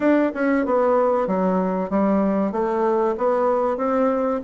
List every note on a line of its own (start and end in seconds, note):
0.00 0.32 D4
0.34 0.65 C#4
0.65 1.27 B3
1.27 1.89 F#3
1.89 2.52 G3
2.52 3.15 A3
3.17 3.77 B3
3.77 4.40 C4